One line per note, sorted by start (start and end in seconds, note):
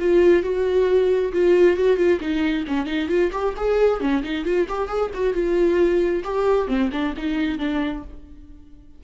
0.00 0.43 F4
0.43 1.33 F#4
1.33 1.77 F4
1.77 1.97 F#4
1.97 2.19 F4
2.20 2.65 D#4
2.68 2.86 C#4
2.86 3.09 D#4
3.09 3.31 F4
3.32 3.55 G4
3.57 4.01 G#4
4.01 4.23 C#4
4.24 4.45 D#4
4.45 4.68 F4
4.69 4.89 G4
4.89 5.11 G#4
5.14 5.34 F#4
5.34 6.23 F4
6.24 6.68 G4
6.68 6.90 C4
6.92 7.15 D4
7.17 7.59 D#4
7.59 8.04 D4